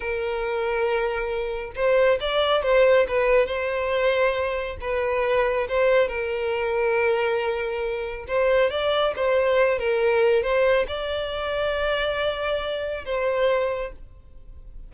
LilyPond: \new Staff \with { instrumentName = "violin" } { \time 4/4 \tempo 4 = 138 ais'1 | c''4 d''4 c''4 b'4 | c''2. b'4~ | b'4 c''4 ais'2~ |
ais'2. c''4 | d''4 c''4. ais'4. | c''4 d''2.~ | d''2 c''2 | }